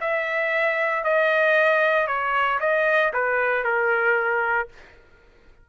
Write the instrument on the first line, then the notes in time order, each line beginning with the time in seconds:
trumpet
0.00 E5
1.04 D#5
2.07 C#5
2.60 D#5
3.13 B4
3.64 A#4